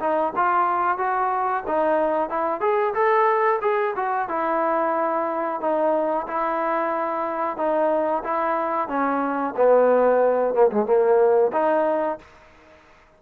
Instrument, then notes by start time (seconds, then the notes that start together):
trombone
0.00 D#4
0.36 F4
0.98 F#4
1.67 D#4
2.30 E4
2.61 G#4
2.94 A4
3.62 G#4
3.96 F#4
4.29 E4
5.61 D#4
6.28 E4
7.57 D#4
8.24 E4
8.88 C#4
9.57 B3
10.54 A#3
10.71 G#3
10.86 A#3
11.53 D#4